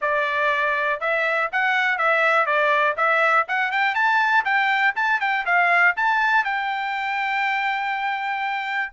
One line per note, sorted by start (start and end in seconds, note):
0.01 1.00 D5
1.00 1.49 E5
1.51 1.98 F#5
1.98 2.46 E5
2.46 2.95 D5
2.97 3.46 E5
3.48 3.71 F#5
3.71 3.94 G5
3.94 4.44 A5
4.44 4.94 G5
4.95 5.20 A5
5.20 5.45 G5
5.45 5.95 F5
5.96 6.44 A5
6.44 8.92 G5